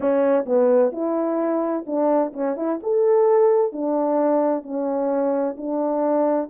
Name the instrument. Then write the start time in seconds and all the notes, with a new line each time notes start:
horn
0.00 C#4
0.45 B3
0.92 E4
1.86 D4
2.33 C#4
2.56 E4
2.82 A4
3.72 D4
4.63 C#4
5.57 D4